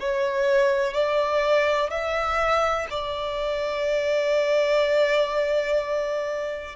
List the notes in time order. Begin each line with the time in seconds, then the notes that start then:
0.00 C#5
0.93 D5
1.90 E5
2.90 D5